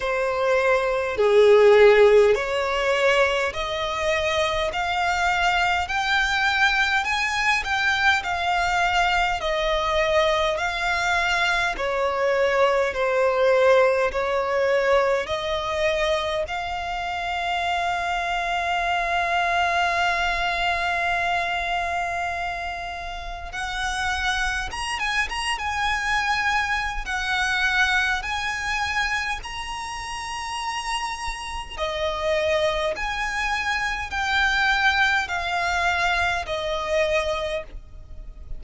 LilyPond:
\new Staff \with { instrumentName = "violin" } { \time 4/4 \tempo 4 = 51 c''4 gis'4 cis''4 dis''4 | f''4 g''4 gis''8 g''8 f''4 | dis''4 f''4 cis''4 c''4 | cis''4 dis''4 f''2~ |
f''1 | fis''4 ais''16 gis''16 ais''16 gis''4~ gis''16 fis''4 | gis''4 ais''2 dis''4 | gis''4 g''4 f''4 dis''4 | }